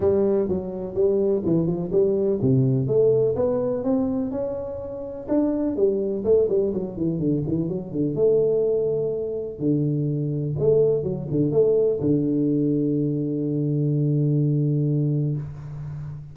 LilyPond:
\new Staff \with { instrumentName = "tuba" } { \time 4/4 \tempo 4 = 125 g4 fis4 g4 e8 f8 | g4 c4 a4 b4 | c'4 cis'2 d'4 | g4 a8 g8 fis8 e8 d8 e8 |
fis8 d8 a2. | d2 a4 fis8 d8 | a4 d2.~ | d1 | }